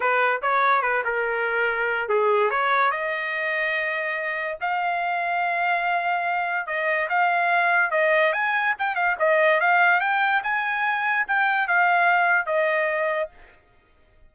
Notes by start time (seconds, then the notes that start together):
0.00 B4
0.41 C#5
0.82 B4
1.04 A#4
2.09 G#4
2.50 C#5
2.91 D#5
4.60 F5
6.66 D#5
7.09 F5
7.91 D#5
8.32 G#5
8.78 G5
8.95 F5
9.19 D#5
9.60 F5
10.00 G5
10.43 G#5
11.27 G5
11.67 F5
12.46 D#5